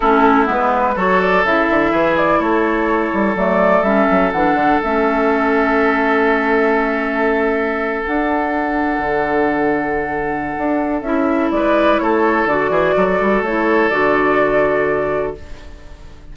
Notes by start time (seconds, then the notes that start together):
0.00 A3 C#4 E4 A4
0.45 G#3 B3 B4
0.95 F#3 F#4 A4 C#5
1.21 D5
1.44 C#3 E4 E5
1.70 D3
1.91 E3 G#4
2.17 D5
2.39 A3 A4 C#5
3.13 G3
3.35 F#3 A3 D5
3.82 G3 C#4 E5
4.10 F#3
4.32 E3 D4 F#5
4.54 D3
4.83 A3 C#4 E5
8.02 D4 F#5
8.98 D3
10.58 D4
11.02 C#4 E4 E5
11.51 G#3 B4 D5
11.98 A3 A4 C#5
12.45 D3 F#4 D5
12.69 E3 G#4
12.96 F#3 A4
13.20 G3
13.41 A3 E4 C#5
13.89 D3 F#4 D5